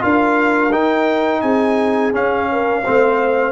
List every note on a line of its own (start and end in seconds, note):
0.00 0.73 D4
0.00 0.71 F4
0.00 1.43 A#4
0.00 0.73 F5
0.72 2.13 D#4
0.72 1.42 D#4
0.72 1.41 G5
1.41 2.13 C4
1.41 2.49 G#4
1.41 2.12 G#5
2.13 2.83 C#4
2.13 2.86 C#4
2.13 3.52 F5
2.52 2.84 A#4
2.84 3.52 A3
2.84 3.52 C4
2.84 3.52 C5